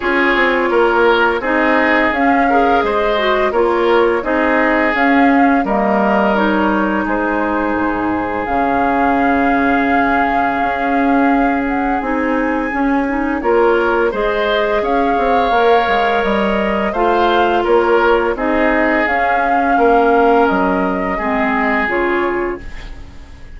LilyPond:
<<
  \new Staff \with { instrumentName = "flute" } { \time 4/4 \tempo 4 = 85 cis''2 dis''4 f''4 | dis''4 cis''4 dis''4 f''4 | dis''4 cis''4 c''2 | f''1~ |
f''8 fis''8 gis''2 cis''4 | dis''4 f''2 dis''4 | f''4 cis''4 dis''4 f''4~ | f''4 dis''2 cis''4 | }
  \new Staff \with { instrumentName = "oboe" } { \time 4/4 gis'4 ais'4 gis'4. ais'8 | c''4 ais'4 gis'2 | ais'2 gis'2~ | gis'1~ |
gis'2. ais'4 | c''4 cis''2. | c''4 ais'4 gis'2 | ais'2 gis'2 | }
  \new Staff \with { instrumentName = "clarinet" } { \time 4/4 f'2 dis'4 cis'8 gis'8~ | gis'8 fis'8 f'4 dis'4 cis'4 | ais4 dis'2. | cis'1~ |
cis'4 dis'4 cis'8 dis'8 f'4 | gis'2 ais'2 | f'2 dis'4 cis'4~ | cis'2 c'4 f'4 | }
  \new Staff \with { instrumentName = "bassoon" } { \time 4/4 cis'8 c'8 ais4 c'4 cis'4 | gis4 ais4 c'4 cis'4 | g2 gis4 gis,4 | cis2. cis'4~ |
cis'4 c'4 cis'4 ais4 | gis4 cis'8 c'8 ais8 gis8 g4 | a4 ais4 c'4 cis'4 | ais4 fis4 gis4 cis4 | }
>>